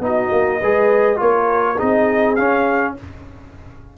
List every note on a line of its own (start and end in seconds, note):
0.00 0.29 B3
0.00 0.61 D#4
0.00 0.60 F#4
0.00 1.20 D#5
0.32 0.61 A#3
0.60 1.21 G#3
0.60 1.16 G#4
0.60 1.18 B4
1.16 1.80 A#3
1.16 1.75 F4
1.16 1.75 A#4
1.16 1.79 C#5
1.75 2.37 D#4
1.75 2.93 G#4
1.75 2.36 D#5
1.82 2.39 C4
2.36 2.97 C#4
2.36 2.98 C#4
2.36 2.94 F5